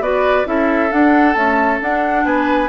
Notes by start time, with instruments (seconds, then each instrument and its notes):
0.00 bassoon B3, clarinet F#4, oboe B4, flute D5
0.45 bassoon C#4, clarinet E4, oboe A4, flute E5
0.91 clarinet D4, bassoon D4, flute F#5
1.34 clarinet A3, bassoon C#4, flute A5
1.82 bassoon D4, clarinet D4, flute F#5
2.25 bassoon B3, oboe B4, flute G#5